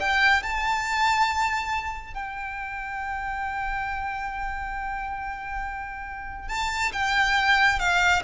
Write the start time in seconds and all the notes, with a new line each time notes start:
0.00 G5
0.43 A5
2.14 G5
6.49 A5
6.92 G5
7.79 F5